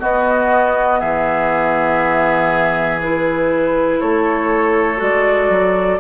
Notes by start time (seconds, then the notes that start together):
0.00 B3 F#4 D#5
1.00 E3 G#4 E5
3.01 E4 B4
4.00 A3 A4 C#5
4.97 G#3 F#4 D5
5.50 F#3